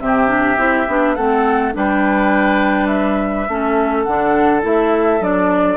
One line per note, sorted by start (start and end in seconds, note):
0.00 0.58 C3
0.00 0.27 C4
0.00 1.15 G4
0.00 1.15 E5
0.27 0.56 D4
0.58 0.87 C4
0.58 0.86 E4
0.88 1.17 B3
0.88 1.17 D4
1.15 1.75 A3
1.15 1.73 C4
1.15 1.73 A4
1.15 1.73 F#5
1.73 3.48 G3
1.73 3.46 D4
1.73 3.49 B4
1.73 2.86 G5
2.86 4.02 E5
3.48 4.06 A3
3.48 4.07 C#4
3.48 5.77 A4
4.03 4.64 D3
4.03 4.62 D4
4.03 4.61 F#5
4.62 5.20 A3
4.62 5.20 E4
4.62 5.23 E5
5.20 5.77 F#3
5.20 5.77 D4
5.20 5.77 D5